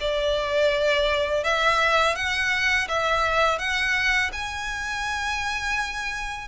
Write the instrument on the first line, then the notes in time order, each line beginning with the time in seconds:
violin
0.00 D5
1.44 E5
2.16 F#5
2.88 E5
3.59 F#5
4.32 G#5